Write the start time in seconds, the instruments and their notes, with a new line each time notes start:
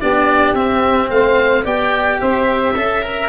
0.00 tuba B3, cello D4, saxophone G4, oboe D5
0.54 tuba C4, cello C4, oboe E5
1.10 tuba A3, saxophone C5, oboe F5
1.64 tuba B3, cello G4, saxophone D5, oboe G5
2.20 tuba C4, saxophone C5, oboe E5
2.76 tuba C#4, cello A4, saxophone E5
3.02 cello A#4